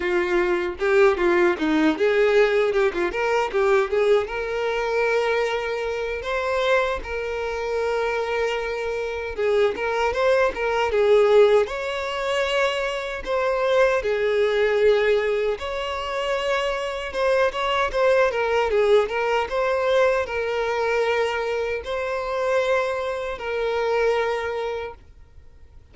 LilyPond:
\new Staff \with { instrumentName = "violin" } { \time 4/4 \tempo 4 = 77 f'4 g'8 f'8 dis'8 gis'4 g'16 f'16 | ais'8 g'8 gis'8 ais'2~ ais'8 | c''4 ais'2. | gis'8 ais'8 c''8 ais'8 gis'4 cis''4~ |
cis''4 c''4 gis'2 | cis''2 c''8 cis''8 c''8 ais'8 | gis'8 ais'8 c''4 ais'2 | c''2 ais'2 | }